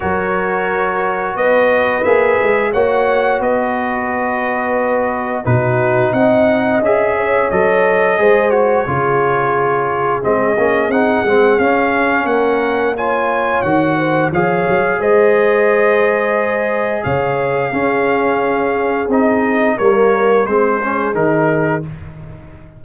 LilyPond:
<<
  \new Staff \with { instrumentName = "trumpet" } { \time 4/4 \tempo 4 = 88 cis''2 dis''4 e''4 | fis''4 dis''2. | b'4 fis''4 e''4 dis''4~ | dis''8 cis''2~ cis''8 dis''4 |
fis''4 f''4 fis''4 gis''4 | fis''4 f''4 dis''2~ | dis''4 f''2. | dis''4 cis''4 c''4 ais'4 | }
  \new Staff \with { instrumentName = "horn" } { \time 4/4 ais'2 b'2 | cis''4 b'2. | fis'4 dis''4. cis''4. | c''4 gis'2.~ |
gis'2 ais'4 cis''4~ | cis''8 c''8 cis''4 c''2~ | c''4 cis''4 gis'2~ | gis'4 ais'4 gis'2 | }
  \new Staff \with { instrumentName = "trombone" } { \time 4/4 fis'2. gis'4 | fis'1 | dis'2 gis'4 a'4 | gis'8 fis'8 f'2 c'8 cis'8 |
dis'8 c'8 cis'2 f'4 | fis'4 gis'2.~ | gis'2 cis'2 | dis'4 ais4 c'8 cis'8 dis'4 | }
  \new Staff \with { instrumentName = "tuba" } { \time 4/4 fis2 b4 ais8 gis8 | ais4 b2. | b,4 c'4 cis'4 fis4 | gis4 cis2 gis8 ais8 |
c'8 gis8 cis'4 ais2 | dis4 f8 fis8 gis2~ | gis4 cis4 cis'2 | c'4 g4 gis4 dis4 | }
>>